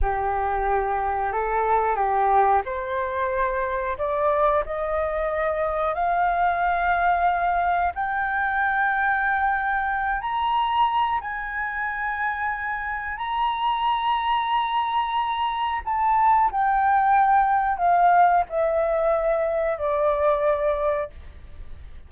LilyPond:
\new Staff \with { instrumentName = "flute" } { \time 4/4 \tempo 4 = 91 g'2 a'4 g'4 | c''2 d''4 dis''4~ | dis''4 f''2. | g''2.~ g''8 ais''8~ |
ais''4 gis''2. | ais''1 | a''4 g''2 f''4 | e''2 d''2 | }